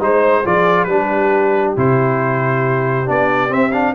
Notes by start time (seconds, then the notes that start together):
0.00 G#3 D#4 C5
0.45 F3 F4 G#4 D5
0.84 G3 D4 B4
0.92 G4
1.76 C3 E4 C5
3.05 B3 D4 D5
3.49 C4 E5
3.71 D4 F5